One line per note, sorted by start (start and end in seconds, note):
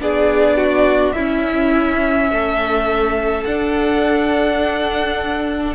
0.00 1.16 B3
0.00 1.15 D4
0.00 0.58 G#4
0.00 1.13 D5
0.58 1.15 F#4
1.13 2.30 C#4
1.13 3.46 C#4
1.13 2.31 E4
1.13 3.44 E5
2.30 3.46 A3
2.30 5.75 A4
3.45 5.75 D4
3.45 5.75 F#5